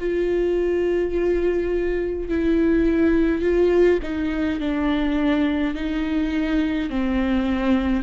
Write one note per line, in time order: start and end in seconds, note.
0.00 2.29 F4
2.29 3.42 E4
3.42 4.00 F4
4.03 4.60 D#4
4.60 5.75 D4
5.75 6.90 D#4
6.90 8.03 C4